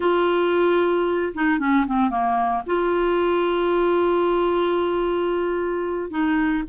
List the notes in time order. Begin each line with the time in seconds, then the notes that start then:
0.00 F4
1.34 D#4
1.59 C#4
1.87 C4
2.09 A#3
2.66 F4
6.10 D#4